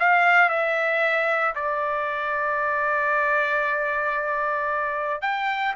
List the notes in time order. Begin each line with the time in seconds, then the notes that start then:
0.00 F5
0.50 E5
1.55 D5
5.22 G5